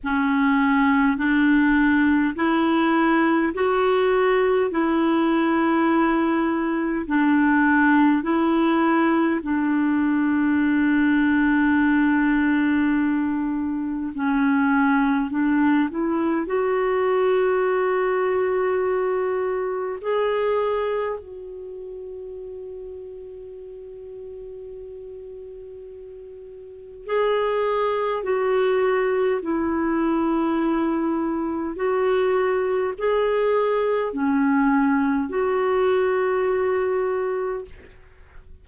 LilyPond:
\new Staff \with { instrumentName = "clarinet" } { \time 4/4 \tempo 4 = 51 cis'4 d'4 e'4 fis'4 | e'2 d'4 e'4 | d'1 | cis'4 d'8 e'8 fis'2~ |
fis'4 gis'4 fis'2~ | fis'2. gis'4 | fis'4 e'2 fis'4 | gis'4 cis'4 fis'2 | }